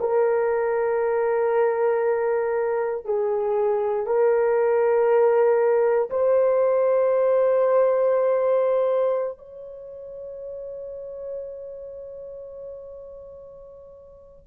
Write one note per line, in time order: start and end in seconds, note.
0.00 3.05 A#4
3.05 4.06 G#4
4.06 6.09 A#4
6.10 9.37 C5
9.37 14.46 C#5